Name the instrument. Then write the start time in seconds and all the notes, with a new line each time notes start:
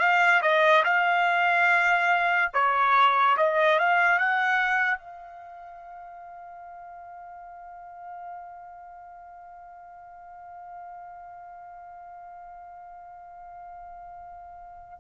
trumpet
0.00 F5
0.42 D#5
0.85 F5
2.54 C#5
3.37 D#5
3.80 F5
4.19 F#5
4.98 F5